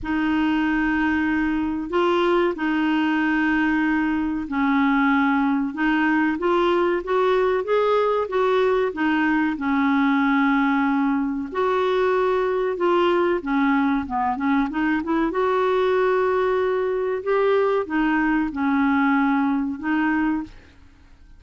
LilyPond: \new Staff \with { instrumentName = "clarinet" } { \time 4/4 \tempo 4 = 94 dis'2. f'4 | dis'2. cis'4~ | cis'4 dis'4 f'4 fis'4 | gis'4 fis'4 dis'4 cis'4~ |
cis'2 fis'2 | f'4 cis'4 b8 cis'8 dis'8 e'8 | fis'2. g'4 | dis'4 cis'2 dis'4 | }